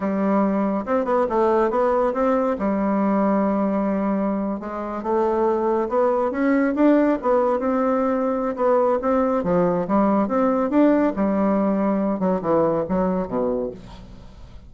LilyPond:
\new Staff \with { instrumentName = "bassoon" } { \time 4/4 \tempo 4 = 140 g2 c'8 b8 a4 | b4 c'4 g2~ | g2~ g8. gis4 a16~ | a4.~ a16 b4 cis'4 d'16~ |
d'8. b4 c'2~ c'16 | b4 c'4 f4 g4 | c'4 d'4 g2~ | g8 fis8 e4 fis4 b,4 | }